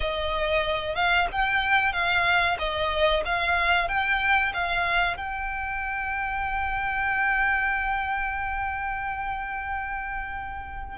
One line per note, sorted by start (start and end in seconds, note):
0.00 0.95 D#5
0.95 1.27 F5
1.31 1.92 G5
1.92 2.57 F5
2.58 3.23 D#5
3.25 3.88 F5
3.88 4.52 G5
4.53 5.16 F5
5.16 10.97 G5